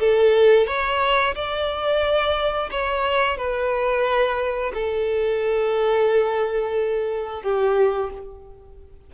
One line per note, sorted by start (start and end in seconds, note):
0.00 0.67 A4
0.67 1.35 C#5
1.35 2.70 D5
2.72 3.38 C#5
3.38 4.73 B4
4.74 7.43 A4
7.43 8.11 G4